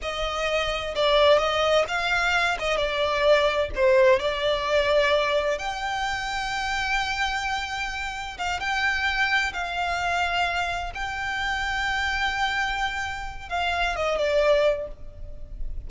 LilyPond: \new Staff \with { instrumentName = "violin" } { \time 4/4 \tempo 4 = 129 dis''2 d''4 dis''4 | f''4. dis''8 d''2 | c''4 d''2. | g''1~ |
g''2 f''8 g''4.~ | g''8 f''2. g''8~ | g''1~ | g''4 f''4 dis''8 d''4. | }